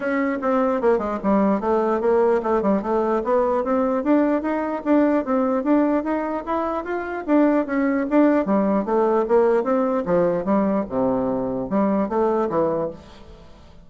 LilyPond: \new Staff \with { instrumentName = "bassoon" } { \time 4/4 \tempo 4 = 149 cis'4 c'4 ais8 gis8 g4 | a4 ais4 a8 g8 a4 | b4 c'4 d'4 dis'4 | d'4 c'4 d'4 dis'4 |
e'4 f'4 d'4 cis'4 | d'4 g4 a4 ais4 | c'4 f4 g4 c4~ | c4 g4 a4 e4 | }